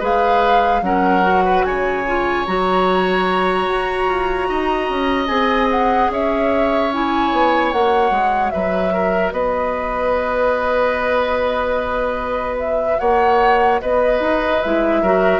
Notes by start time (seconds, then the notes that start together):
0.00 G#3 G#4 B4 F5
0.82 F#3 C#4 A#4 F#5
1.22 F#4
1.45 B4
1.65 C#3 C#5 G#5
2.07 F4
2.46 F#3 F#4 A#5
3.68 F#4
4.08 F4
4.49 D#4 D#5
4.90 C#4
5.27 C4 G#4 G#5
5.71 F#5
6.09 C#4 C#5 E5
6.93 E4 G#5
7.32 B3
7.73 A#3 F#4 F#5
8.11 G#3
8.51 F#3 B4 E5
8.94 A#4
9.32 B3 B4 D#5
12.59 E5
12.99 A#3 C#5 F#5
13.81 B3 B4 D#5
14.20 D#4
14.62 G#3 E4 E5
15.02 F#3 F#4 A#4